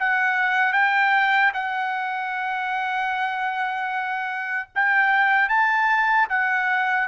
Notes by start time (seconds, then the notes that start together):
0.00 F#5
0.73 G5
1.54 F#5
4.75 G5
5.49 A5
6.30 F#5